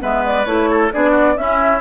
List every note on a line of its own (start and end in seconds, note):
0.00 0.46 G#3
0.00 0.45 B3
0.00 0.70 B4
0.00 0.26 E5
0.26 0.46 D5
0.46 0.91 A3
0.46 0.91 E4
0.46 0.91 C#5
0.70 0.93 A4
0.92 1.37 B3
0.92 1.37 D4
0.92 1.11 G#4
0.92 1.38 D5
1.11 1.33 F#4
1.37 1.82 C#4
1.37 1.82 E4
1.37 1.82 E5